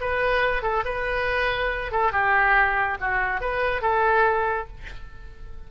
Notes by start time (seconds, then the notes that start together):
0.00 B4
0.62 A4
0.85 B4
1.91 A4
2.12 G4
3.00 F#4
3.41 B4
3.81 A4